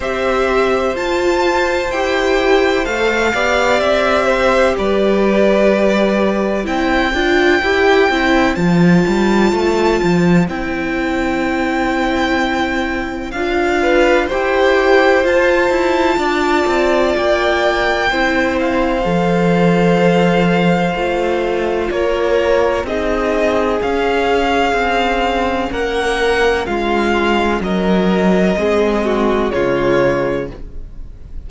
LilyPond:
<<
  \new Staff \with { instrumentName = "violin" } { \time 4/4 \tempo 4 = 63 e''4 a''4 g''4 f''4 | e''4 d''2 g''4~ | g''4 a''2 g''4~ | g''2 f''4 g''4 |
a''2 g''4. f''8~ | f''2. cis''4 | dis''4 f''2 fis''4 | f''4 dis''2 cis''4 | }
  \new Staff \with { instrumentName = "violin" } { \time 4/4 c''2.~ c''8 d''8~ | d''8 c''8 b'2 c''4~ | c''1~ | c''2~ c''8 b'8 c''4~ |
c''4 d''2 c''4~ | c''2. ais'4 | gis'2. ais'4 | f'4 ais'4 gis'8 fis'8 f'4 | }
  \new Staff \with { instrumentName = "viola" } { \time 4/4 g'4 f'4 g'4 a'8 g'8~ | g'2. e'8 f'8 | g'8 e'8 f'2 e'4~ | e'2 f'4 g'4 |
f'2. e'4 | a'2 f'2 | dis'4 cis'2.~ | cis'2 c'4 gis4 | }
  \new Staff \with { instrumentName = "cello" } { \time 4/4 c'4 f'4 e'4 a8 b8 | c'4 g2 c'8 d'8 | e'8 c'8 f8 g8 a8 f8 c'4~ | c'2 d'4 e'4 |
f'8 e'8 d'8 c'8 ais4 c'4 | f2 a4 ais4 | c'4 cis'4 c'4 ais4 | gis4 fis4 gis4 cis4 | }
>>